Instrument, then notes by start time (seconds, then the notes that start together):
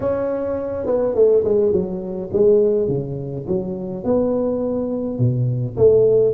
tuba
0.00 C#4
0.85 B3
1.15 A3
1.44 G#3
1.72 F#3
2.33 G#3
2.88 C#3
3.47 F#3
4.04 B3
5.18 B2
5.76 A3